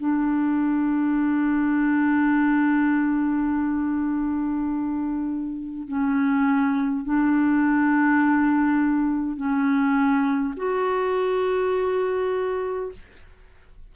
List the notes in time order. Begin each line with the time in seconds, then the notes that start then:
0.00 D4
5.88 C#4
7.05 D4
9.37 C#4
10.57 F#4